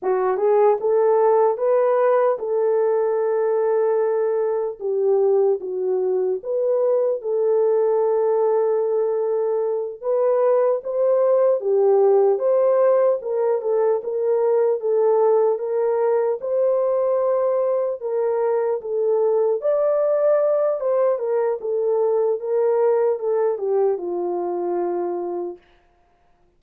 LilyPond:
\new Staff \with { instrumentName = "horn" } { \time 4/4 \tempo 4 = 75 fis'8 gis'8 a'4 b'4 a'4~ | a'2 g'4 fis'4 | b'4 a'2.~ | a'8 b'4 c''4 g'4 c''8~ |
c''8 ais'8 a'8 ais'4 a'4 ais'8~ | ais'8 c''2 ais'4 a'8~ | a'8 d''4. c''8 ais'8 a'4 | ais'4 a'8 g'8 f'2 | }